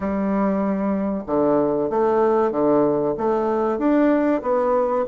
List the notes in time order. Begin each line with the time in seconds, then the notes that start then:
0.00 G3
1.26 D3
1.90 A3
2.51 D3
3.18 A3
3.78 D4
4.42 B3